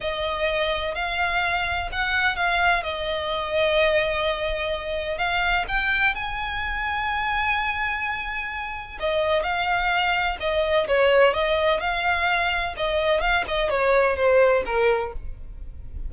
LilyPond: \new Staff \with { instrumentName = "violin" } { \time 4/4 \tempo 4 = 127 dis''2 f''2 | fis''4 f''4 dis''2~ | dis''2. f''4 | g''4 gis''2.~ |
gis''2. dis''4 | f''2 dis''4 cis''4 | dis''4 f''2 dis''4 | f''8 dis''8 cis''4 c''4 ais'4 | }